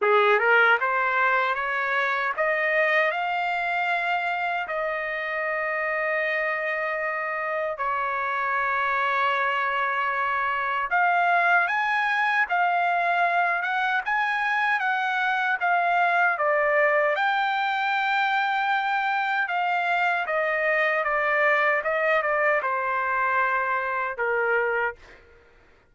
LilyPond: \new Staff \with { instrumentName = "trumpet" } { \time 4/4 \tempo 4 = 77 gis'8 ais'8 c''4 cis''4 dis''4 | f''2 dis''2~ | dis''2 cis''2~ | cis''2 f''4 gis''4 |
f''4. fis''8 gis''4 fis''4 | f''4 d''4 g''2~ | g''4 f''4 dis''4 d''4 | dis''8 d''8 c''2 ais'4 | }